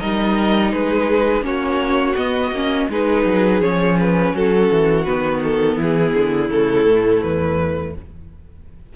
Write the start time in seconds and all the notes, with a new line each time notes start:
0.00 G3 D#4 A#4 D#5
0.72 G#3 G#4 B4
1.42 A#3 C#4 F#4 C#5
2.16 B3 D#5
2.52 A#3 C#4
2.89 G#3 D#4 G#4 B4
3.26 F#3
3.61 F3 C#4 C#5
4.00 B4
4.34 F#3 F#4 A4
4.71 E3
5.05 D#3 B3 B4
5.44 A4
5.76 E3 E4
5.83 G#4
6.14 D3
6.50 C#3 A3 A4
6.85 A2
7.23 E2 B4